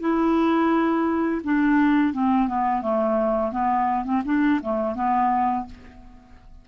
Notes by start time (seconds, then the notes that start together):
0.00 E4
1.44 D4
2.13 C4
2.47 B3
2.82 A3
3.51 B3
4.05 C4
4.25 D4
4.62 A3
4.95 B3